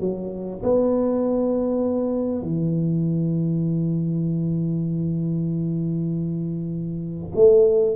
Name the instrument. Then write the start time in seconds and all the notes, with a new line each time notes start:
tuba
0.00 F#3
0.63 B3
2.42 E3
7.35 A3